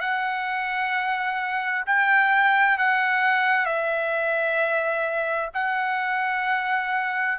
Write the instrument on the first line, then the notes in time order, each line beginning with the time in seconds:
trumpet
0.00 F#5
1.86 G5
2.78 F#5
3.65 E5
5.54 F#5